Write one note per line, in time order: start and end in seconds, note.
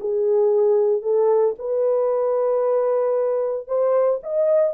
0.00 1.02 G#4
1.02 1.55 A4
1.58 3.67 B4
3.67 4.20 C5
4.23 4.74 D#5